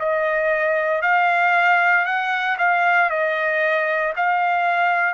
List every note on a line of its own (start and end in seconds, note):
0.00 1.03 D#5
1.03 2.06 F5
2.06 2.58 F#5
2.59 3.10 F5
3.10 4.14 D#5
4.17 5.14 F5